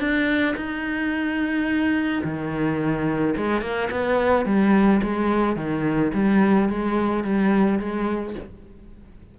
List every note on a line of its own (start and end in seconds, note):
0.00 0.56 D4
0.56 2.23 D#4
2.24 3.35 D#3
3.37 3.62 G#3
3.62 3.89 A#3
3.91 4.46 B3
4.46 5.01 G3
5.03 5.57 G#3
5.57 6.12 D#3
6.14 6.69 G3
6.69 7.24 G#3
7.24 7.80 G3
7.80 8.35 G#3